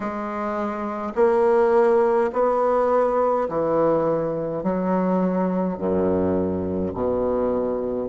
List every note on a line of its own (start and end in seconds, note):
0.00 1.13 G#3
1.15 2.30 A#3
2.32 3.48 B3
3.49 4.63 E3
4.63 5.77 F#3
5.77 6.92 F#2
6.93 8.09 B2